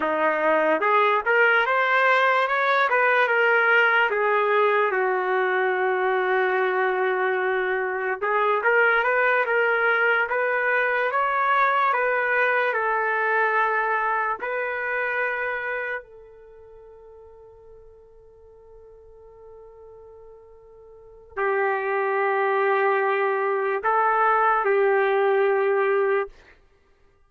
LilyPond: \new Staff \with { instrumentName = "trumpet" } { \time 4/4 \tempo 4 = 73 dis'4 gis'8 ais'8 c''4 cis''8 b'8 | ais'4 gis'4 fis'2~ | fis'2 gis'8 ais'8 b'8 ais'8~ | ais'8 b'4 cis''4 b'4 a'8~ |
a'4. b'2 a'8~ | a'1~ | a'2 g'2~ | g'4 a'4 g'2 | }